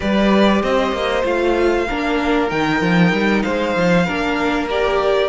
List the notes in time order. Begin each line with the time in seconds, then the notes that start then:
0.00 G3 G4 B4 D5
0.62 C4 C5 D#5
0.92 A#3
1.24 A3 F4 F5
1.87 A#3 D4 A#4
2.49 D#3 D#4 G5
2.81 F3
3.12 G3
3.42 G#3 C5 F5
3.76 F3
4.05 A#3 D4 A#4
4.70 G4 D5